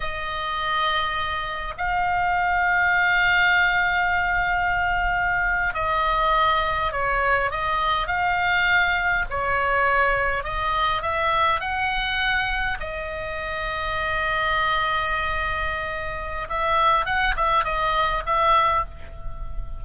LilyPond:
\new Staff \with { instrumentName = "oboe" } { \time 4/4 \tempo 4 = 102 dis''2. f''4~ | f''1~ | f''4.~ f''16 dis''2 cis''16~ | cis''8. dis''4 f''2 cis''16~ |
cis''4.~ cis''16 dis''4 e''4 fis''16~ | fis''4.~ fis''16 dis''2~ dis''16~ | dis''1 | e''4 fis''8 e''8 dis''4 e''4 | }